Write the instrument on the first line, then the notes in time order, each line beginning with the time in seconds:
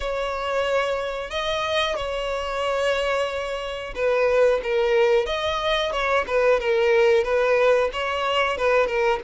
violin
0.00 C#5
1.30 D#5
1.96 C#5
3.95 B4
4.63 A#4
5.26 D#5
5.92 C#5
6.27 B4
6.60 A#4
7.23 B4
7.92 C#5
8.57 B4
8.87 A#4